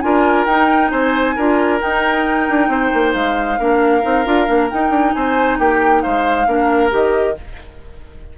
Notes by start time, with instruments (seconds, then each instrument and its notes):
0.00 bassoon D4, clarinet F4, oboe A#4, flute G#5
0.45 bassoon D#4, clarinet D#4, flute G5
0.90 bassoon C4, oboe C5, flute G#5
1.35 bassoon D4, clarinet F4, oboe A#4
1.79 clarinet D#4, bassoon D#4, flute G5
2.49 bassoon D4
2.68 bassoon C4, oboe C5
2.93 bassoon A#3
3.13 bassoon G#3, flute F5
3.59 bassoon A#3, clarinet D4, oboe A#4
4.01 bassoon C4, clarinet D#4
4.25 bassoon D4, clarinet F4
4.46 bassoon A#3, clarinet D4
4.69 clarinet D#4, bassoon D#4, flute G5
4.90 bassoon D4
5.13 bassoon C4, oboe C5, flute G#5
5.58 bassoon A#3, oboe G4, flute G5
6.01 bassoon G#3, oboe C5, flute F5
6.46 bassoon A#3, clarinet D4, oboe A#4
6.89 bassoon D#3, clarinet G4, flute D#5